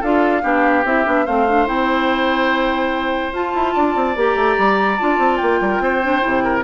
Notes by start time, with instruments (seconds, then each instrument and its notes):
0.00 bassoon D4, clarinet F4, oboe A4, flute F5
0.42 bassoon B3, clarinet D4, oboe G4
0.84 bassoon C4, clarinet E4, flute E5
1.05 bassoon B3, clarinet D4
1.25 bassoon A3, clarinet C4, oboe C5, flute F5
1.47 clarinet D4
1.66 bassoon C4, clarinet E4, flute G5
3.32 bassoon F4, clarinet F4, flute A5
3.54 bassoon E4
3.74 bassoon D4, oboe D5
3.95 bassoon C4
4.16 bassoon A#3, clarinet G4, flute A#5
4.35 bassoon A3
4.58 bassoon G3
4.99 bassoon D4, clarinet F4, flute A5
5.18 bassoon C4
5.36 bassoon A#3, flute G5
5.60 bassoon G3, oboe A#4
5.79 bassoon C4, oboe C5
6.02 clarinet D4
6.20 bassoon C3, clarinet E4
6.43 oboe A#4